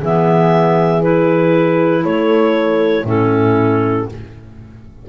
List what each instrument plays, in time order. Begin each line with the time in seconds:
0.00 double bass E3, clarinet B3 E5, horn G#4
1.02 clarinet E4 B4
2.04 double bass A3, horn A4, clarinet C#5
3.04 double bass A2, clarinet C#4 A4, horn E4